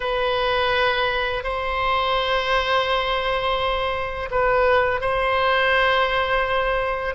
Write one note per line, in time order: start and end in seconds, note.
0.00 1.43 B4
1.43 4.29 C5
4.31 5.01 B4
5.01 7.14 C5